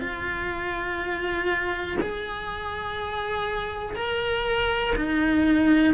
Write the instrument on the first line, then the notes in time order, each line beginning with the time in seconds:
cello
0.00 F4
2.01 G#4
3.96 A#4
4.95 D#4